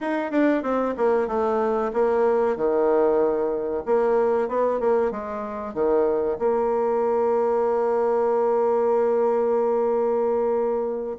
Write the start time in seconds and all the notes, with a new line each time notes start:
0.01 D#4
0.31 D4
0.62 C4
0.97 A#3
1.27 A3
1.93 A#3
2.56 D#3
3.85 A#3
4.48 B3
4.80 A#3
5.11 G#3
5.74 D#3
6.38 A#3